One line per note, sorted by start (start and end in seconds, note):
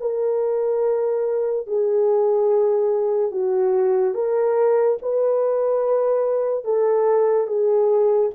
0.00 1.67 A#4
1.67 3.31 G#4
3.31 4.14 F#4
4.14 4.98 A#4
5.02 6.65 B4
6.65 7.47 A4
7.47 8.31 G#4